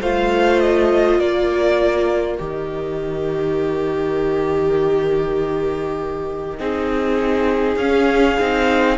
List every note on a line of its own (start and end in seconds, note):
0.00 1.18 A3
0.00 2.37 F4
0.00 1.20 C5
0.00 0.59 F5
0.59 1.19 D#5
1.18 2.38 A#3
1.18 6.58 A#4
1.18 2.39 D5
2.37 6.59 D#3
2.37 6.57 G4
2.37 7.77 D#5
6.58 7.76 C4
6.58 7.79 D#4
6.58 8.97 G#4
7.76 8.36 C#4
7.76 8.39 C#4
7.76 8.96 F5
8.39 8.97 C4
8.39 8.97 D#4